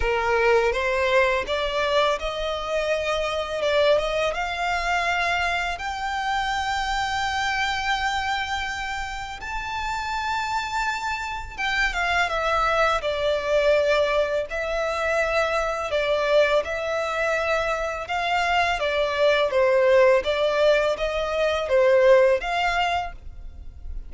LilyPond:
\new Staff \with { instrumentName = "violin" } { \time 4/4 \tempo 4 = 83 ais'4 c''4 d''4 dis''4~ | dis''4 d''8 dis''8 f''2 | g''1~ | g''4 a''2. |
g''8 f''8 e''4 d''2 | e''2 d''4 e''4~ | e''4 f''4 d''4 c''4 | d''4 dis''4 c''4 f''4 | }